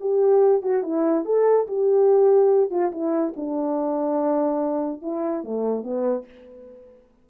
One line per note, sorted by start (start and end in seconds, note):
0.00 0.62 G4
0.62 0.83 F#4
0.83 1.25 E4
1.25 1.67 A4
1.68 2.70 G4
2.70 2.91 F4
2.92 3.34 E4
3.36 5.02 D4
5.02 5.44 E4
5.44 5.83 A3
5.83 6.25 B3